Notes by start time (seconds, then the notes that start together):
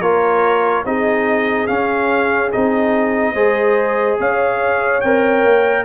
0.00 A#3 F4 A#4 C#5
0.84 C4 D#4 G#4 D#5
1.67 C#4 F5
2.52 C4 D#4 D#5
3.34 G#3 G#4 C5
4.19 C#4 C#5 F5
5.01 C4 A#4 G5
5.44 A#3